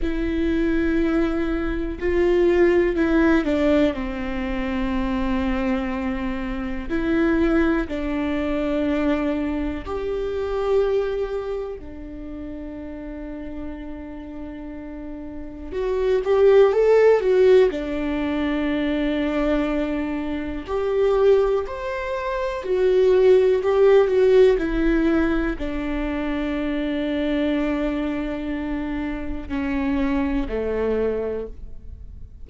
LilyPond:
\new Staff \with { instrumentName = "viola" } { \time 4/4 \tempo 4 = 61 e'2 f'4 e'8 d'8 | c'2. e'4 | d'2 g'2 | d'1 |
fis'8 g'8 a'8 fis'8 d'2~ | d'4 g'4 c''4 fis'4 | g'8 fis'8 e'4 d'2~ | d'2 cis'4 a4 | }